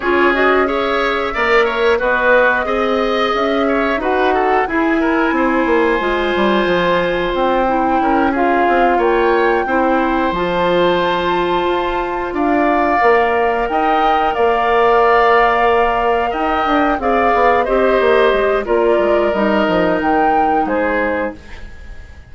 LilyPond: <<
  \new Staff \with { instrumentName = "flute" } { \time 4/4 \tempo 4 = 90 cis''8 dis''8 e''2 dis''4~ | dis''4 e''4 fis''4 gis''4~ | gis''2. g''4~ | g''8 f''4 g''2 a''8~ |
a''2~ a''8 f''4.~ | f''8 g''4 f''2~ f''8~ | f''8 g''4 f''4 dis''4. | d''4 dis''4 g''4 c''4 | }
  \new Staff \with { instrumentName = "oboe" } { \time 4/4 gis'4 cis''4 d''8 cis''8 fis'4 | dis''4. cis''8 b'8 a'8 gis'8 ais'8 | c''1 | ais'8 gis'4 cis''4 c''4.~ |
c''2~ c''8 d''4.~ | d''8 dis''4 d''2~ d''8~ | d''8 dis''4 d''4 c''4. | ais'2. gis'4 | }
  \new Staff \with { instrumentName = "clarinet" } { \time 4/4 f'8 fis'8 gis'4 ais'4 b'4 | gis'2 fis'4 e'4~ | e'4 f'2~ f'8 e'8~ | e'8 f'2 e'4 f'8~ |
f'2.~ f'8 ais'8~ | ais'1~ | ais'4. gis'4 g'4. | f'4 dis'2. | }
  \new Staff \with { instrumentName = "bassoon" } { \time 4/4 cis'2 ais4 b4 | c'4 cis'4 dis'4 e'4 | c'8 ais8 gis8 g8 f4 c'4 | cis'4 c'8 ais4 c'4 f8~ |
f4. f'4 d'4 ais8~ | ais8 dis'4 ais2~ ais8~ | ais8 dis'8 d'8 c'8 b8 c'8 ais8 gis8 | ais8 gis8 g8 f8 dis4 gis4 | }
>>